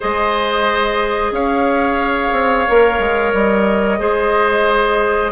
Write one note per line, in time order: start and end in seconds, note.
0.00 1.31 G#3
0.00 2.67 G#4
0.00 1.31 C5
0.00 1.33 D#5
1.31 2.31 C#4
1.31 3.99 C#5
1.31 3.33 F5
2.32 2.65 C4
2.68 2.99 A#3
2.68 3.98 A#4
2.99 3.32 G#3
3.33 3.99 G3
3.33 5.31 D#5
3.98 5.31 G#3
3.98 5.31 G#4
3.98 5.31 C5